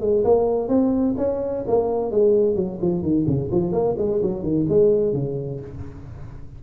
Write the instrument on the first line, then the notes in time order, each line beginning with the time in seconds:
tuba
0.00 G#3
0.24 A#3
0.68 C4
1.17 C#4
1.67 A#3
2.11 G#3
2.55 F#3
2.81 F3
3.02 D#3
3.27 C#3
3.51 F3
3.72 A#3
3.97 G#3
4.22 F#3
4.43 D#3
4.69 G#3
5.13 C#3